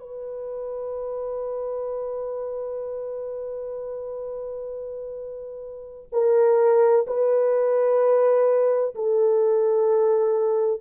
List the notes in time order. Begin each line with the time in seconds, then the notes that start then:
0.00 B4
6.12 A#4
7.07 B4
8.95 A4